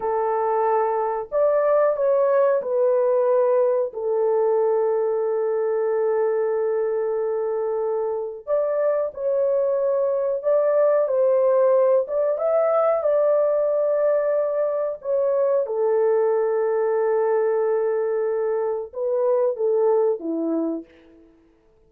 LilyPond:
\new Staff \with { instrumentName = "horn" } { \time 4/4 \tempo 4 = 92 a'2 d''4 cis''4 | b'2 a'2~ | a'1~ | a'4 d''4 cis''2 |
d''4 c''4. d''8 e''4 | d''2. cis''4 | a'1~ | a'4 b'4 a'4 e'4 | }